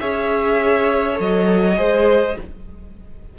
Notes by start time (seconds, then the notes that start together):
0.00 C#4 G#4 C#5 E5
1.14 F#3 A4
1.21 D#5
1.77 G#3 G#4 C5